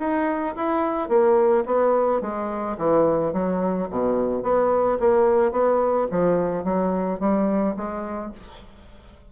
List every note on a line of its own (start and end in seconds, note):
0.00 0.56 D#4
0.56 1.09 E4
1.09 1.65 A#3
1.66 2.21 B3
2.21 2.77 G#3
2.78 3.33 E3
3.33 3.89 F#3
3.90 4.43 B2
4.43 4.99 B3
5.00 5.52 A#3
5.52 6.08 B3
6.11 6.64 F3
6.64 7.20 F#3
7.20 7.76 G3
7.77 8.32 G#3